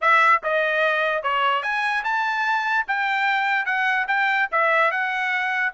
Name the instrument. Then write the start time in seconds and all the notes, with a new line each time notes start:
trumpet
0.01 E5
0.43 D#5
1.22 C#5
1.63 G#5
2.03 A5
2.87 G5
3.65 F#5
4.07 G5
4.51 E5
4.91 F#5